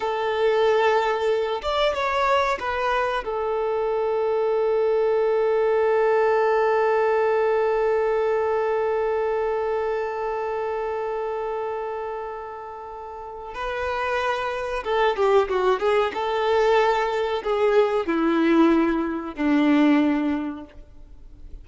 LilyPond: \new Staff \with { instrumentName = "violin" } { \time 4/4 \tempo 4 = 93 a'2~ a'8 d''8 cis''4 | b'4 a'2.~ | a'1~ | a'1~ |
a'1~ | a'4 b'2 a'8 g'8 | fis'8 gis'8 a'2 gis'4 | e'2 d'2 | }